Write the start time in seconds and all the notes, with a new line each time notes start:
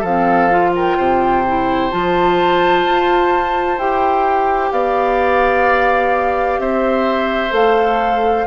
0.00 F3 A4 F5
0.06 C4
0.51 F4
0.75 A#4 G5
0.97 C3 C5
1.47 E4
1.91 F3 F4 A5
2.85 F4
3.78 E4 G4 G5
4.71 B3 D5 F5
6.58 C4 C5 E5
7.50 A3 A4 F5